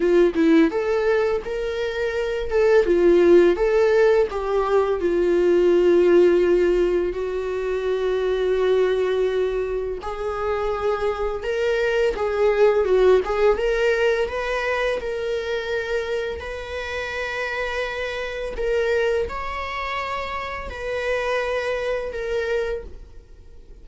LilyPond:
\new Staff \with { instrumentName = "viola" } { \time 4/4 \tempo 4 = 84 f'8 e'8 a'4 ais'4. a'8 | f'4 a'4 g'4 f'4~ | f'2 fis'2~ | fis'2 gis'2 |
ais'4 gis'4 fis'8 gis'8 ais'4 | b'4 ais'2 b'4~ | b'2 ais'4 cis''4~ | cis''4 b'2 ais'4 | }